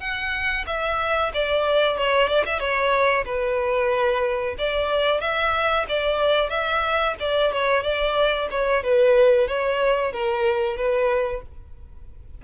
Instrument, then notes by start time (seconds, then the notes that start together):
violin
0.00 F#5
0.67 E5
1.34 D5
1.98 C#5
2.28 D5
2.46 E5
2.60 C#5
3.26 B4
4.59 D5
5.21 E5
5.89 D5
6.50 E5
7.20 D5
7.53 C#5
7.83 D5
8.51 C#5
8.84 B4
9.48 C#5
10.13 A#4
10.77 B4